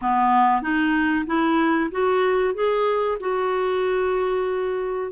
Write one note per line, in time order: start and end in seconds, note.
0.01 0.62 B3
0.62 1.25 D#4
1.26 1.90 E4
1.91 2.54 F#4
2.54 3.18 G#4
3.19 5.11 F#4